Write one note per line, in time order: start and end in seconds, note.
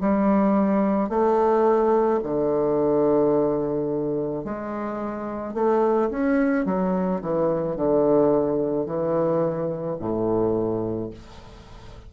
0.00 1.09 G3
1.09 2.20 A3
2.23 4.44 D3
4.44 5.54 G#3
5.54 6.10 A3
6.10 6.65 C#4
6.65 7.21 F#3
7.21 7.76 E3
7.76 8.85 D3
8.85 9.96 E3
9.99 11.10 A2